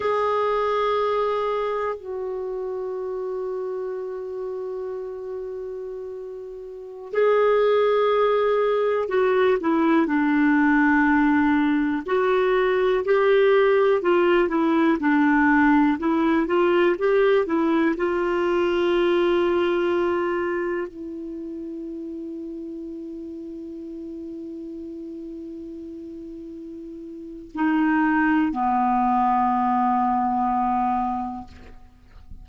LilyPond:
\new Staff \with { instrumentName = "clarinet" } { \time 4/4 \tempo 4 = 61 gis'2 fis'2~ | fis'2.~ fis'16 gis'8.~ | gis'4~ gis'16 fis'8 e'8 d'4.~ d'16~ | d'16 fis'4 g'4 f'8 e'8 d'8.~ |
d'16 e'8 f'8 g'8 e'8 f'4.~ f'16~ | f'4~ f'16 e'2~ e'8.~ | e'1 | dis'4 b2. | }